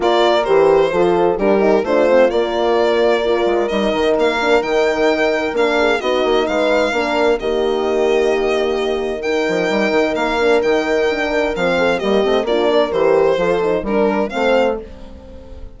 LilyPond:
<<
  \new Staff \with { instrumentName = "violin" } { \time 4/4 \tempo 4 = 130 d''4 c''2 ais'4 | c''4 d''2. | dis''4 f''4 g''2 | f''4 dis''4 f''2 |
dis''1 | g''2 f''4 g''4~ | g''4 f''4 dis''4 d''4 | c''2 ais'4 f''4 | }
  \new Staff \with { instrumentName = "horn" } { \time 4/4 ais'2 a'4 g'4 | f'2. ais'4~ | ais'1~ | ais'8 gis'8 fis'4 b'4 ais'4 |
g'1 | ais'1~ | ais'4. a'8 g'4 f'8 ais'8~ | ais'4 a'4 ais'4 c''4 | }
  \new Staff \with { instrumentName = "horn" } { \time 4/4 f'4 g'4 f'4 d'8 dis'8 | d'8 c'8 ais2 f'4 | dis'4. d'8 dis'2 | d'4 dis'2 d'4 |
ais1 | dis'2~ dis'8 d'8 dis'4 | d'4 c'4 ais8 c'8 d'4 | g'4 f'8 dis'8 d'4 c'4 | }
  \new Staff \with { instrumentName = "bassoon" } { \time 4/4 ais4 e4 f4 g4 | a4 ais2~ ais8 gis8 | g8 dis8 ais4 dis2 | ais4 b8 ais8 gis4 ais4 |
dis1~ | dis8 f8 g8 dis8 ais4 dis4~ | dis4 f4 g8 a8 ais4 | e4 f4 g4 a4 | }
>>